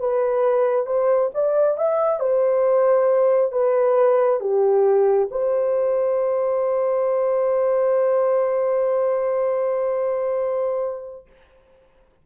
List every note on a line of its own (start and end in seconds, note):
0.00 0.86 B4
0.86 1.30 C5
1.34 1.78 D5
1.78 2.20 E5
2.20 3.52 C5
3.52 4.40 B4
4.40 5.29 G4
5.31 11.27 C5